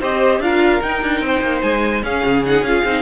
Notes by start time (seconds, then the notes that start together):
0.00 C4 G4 C5 D#5
0.40 D4 F4 A#4 F5
0.82 D#4 G5
1.03 D4
1.21 C4 C5
1.42 A#3
1.62 G#3 G#5
2.03 C#4 G#4 F5
2.25 C#3
2.45 D#4 F#5
2.62 C#4 F4 F5
2.85 C4 D#4